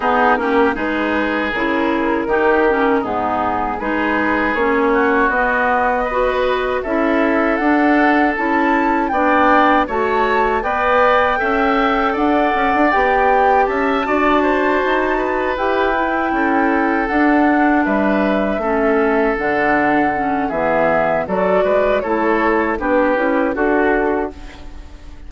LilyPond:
<<
  \new Staff \with { instrumentName = "flute" } { \time 4/4 \tempo 4 = 79 gis'8 ais'8 b'4 ais'2 | gis'4 b'4 cis''4 dis''4~ | dis''4 e''4 fis''4 a''4 | g''4 a''4 g''2 |
fis''4 g''4 a''2~ | a''8 g''2 fis''4 e''8~ | e''4. fis''4. e''4 | d''4 cis''4 b'4 a'4 | }
  \new Staff \with { instrumentName = "oboe" } { \time 4/4 dis'8 g'8 gis'2 g'4 | dis'4 gis'4. fis'4. | b'4 a'2. | d''4 cis''4 d''4 e''4 |
d''2 e''8 d''8 c''4 | b'4. a'2 b'8~ | b'8 a'2~ a'8 gis'4 | a'8 b'8 a'4 g'4 fis'4 | }
  \new Staff \with { instrumentName = "clarinet" } { \time 4/4 b8 cis'8 dis'4 e'4 dis'8 cis'8 | b4 dis'4 cis'4 b4 | fis'4 e'4 d'4 e'4 | d'4 fis'4 b'4 a'4~ |
a'4 g'4. fis'4.~ | fis'8 g'8 e'4. d'4.~ | d'8 cis'4 d'4 cis'8 b4 | fis'4 e'4 d'8 e'8 fis'4 | }
  \new Staff \with { instrumentName = "bassoon" } { \time 4/4 b8 ais8 gis4 cis4 dis4 | gis,4 gis4 ais4 b4~ | b4 cis'4 d'4 cis'4 | b4 a4 b4 cis'4 |
d'8 cis'16 d'16 b4 cis'8 d'4 dis'8~ | dis'8 e'4 cis'4 d'4 g8~ | g8 a4 d4. e4 | fis8 gis8 a4 b8 cis'8 d'4 | }
>>